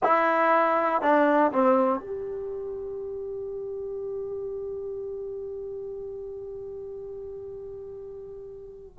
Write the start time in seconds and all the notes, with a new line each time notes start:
0.03 E4
1.01 D4
1.52 C4
2.00 G4